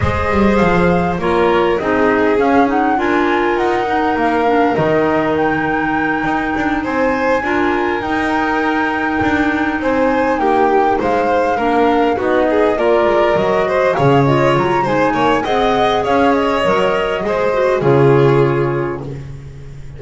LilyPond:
<<
  \new Staff \with { instrumentName = "flute" } { \time 4/4 \tempo 4 = 101 dis''4 f''4 cis''4 dis''4 | f''8 fis''8 gis''4 fis''4 f''4 | dis''4 g''2~ g''8 gis''8~ | gis''4. g''2~ g''8~ |
g''8 gis''4 g''4 f''4.~ | f''8 dis''4 d''4 dis''4 f''8 | dis''8 ais''8 gis''4 fis''4 f''8 dis''8~ | dis''2 cis''2 | }
  \new Staff \with { instrumentName = "violin" } { \time 4/4 c''2 ais'4 gis'4~ | gis'4 ais'2.~ | ais'2.~ ais'8 c''8~ | c''8 ais'2.~ ais'8~ |
ais'8 c''4 g'4 c''4 ais'8~ | ais'8 fis'8 gis'8 ais'4. c''8 cis''8~ | cis''4 c''8 cis''8 dis''4 cis''4~ | cis''4 c''4 gis'2 | }
  \new Staff \with { instrumentName = "clarinet" } { \time 4/4 gis'2 f'4 dis'4 | cis'8 dis'8 f'4. dis'4 d'8 | dis'1~ | dis'8 f'4 dis'2~ dis'8~ |
dis'2.~ dis'8 d'8~ | d'8 dis'4 f'4 fis'4 gis'8 | f'4 dis'4 gis'2 | ais'4 gis'8 fis'8 f'2 | }
  \new Staff \with { instrumentName = "double bass" } { \time 4/4 gis8 g8 f4 ais4 c'4 | cis'4 d'4 dis'4 ais4 | dis2~ dis8 dis'8 d'8 c'8~ | c'8 d'4 dis'2 d'8~ |
d'8 c'4 ais4 gis4 ais8~ | ais8 b4 ais8 gis8 fis4 cis8~ | cis8 fis8 gis8 ais8 c'4 cis'4 | fis4 gis4 cis2 | }
>>